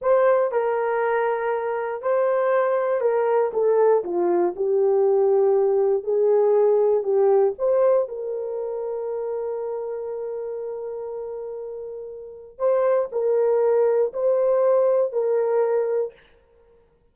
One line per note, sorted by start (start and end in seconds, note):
0.01 0.51 C5
0.51 2.02 A#4
2.02 3.00 C5
3.00 3.51 A#4
3.53 4.03 A4
4.04 4.54 F4
4.56 6.03 G4
6.03 7.03 G#4
7.03 7.53 G4
7.58 8.08 C5
8.08 12.58 A#4
12.58 13.08 C5
13.12 14.12 A#4
14.13 15.12 C5
15.12 16.13 A#4